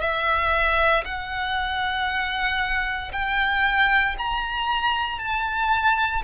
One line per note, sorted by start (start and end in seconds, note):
0.00 1.03 E5
1.04 3.11 F#5
3.12 4.16 G5
4.18 5.19 A#5
5.19 6.22 A5